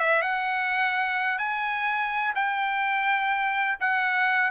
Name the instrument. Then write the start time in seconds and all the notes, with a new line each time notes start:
trumpet
0.00 E5
0.23 F#5
1.39 G#5
2.36 G5
3.81 F#5